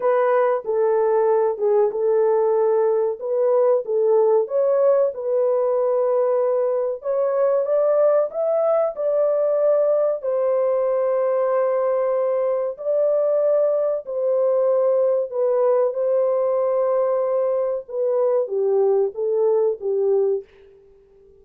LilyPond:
\new Staff \with { instrumentName = "horn" } { \time 4/4 \tempo 4 = 94 b'4 a'4. gis'8 a'4~ | a'4 b'4 a'4 cis''4 | b'2. cis''4 | d''4 e''4 d''2 |
c''1 | d''2 c''2 | b'4 c''2. | b'4 g'4 a'4 g'4 | }